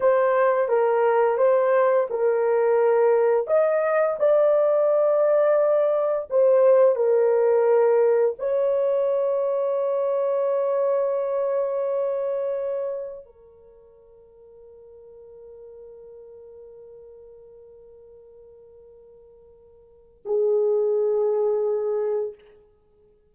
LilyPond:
\new Staff \with { instrumentName = "horn" } { \time 4/4 \tempo 4 = 86 c''4 ais'4 c''4 ais'4~ | ais'4 dis''4 d''2~ | d''4 c''4 ais'2 | cis''1~ |
cis''2. ais'4~ | ais'1~ | ais'1~ | ais'4 gis'2. | }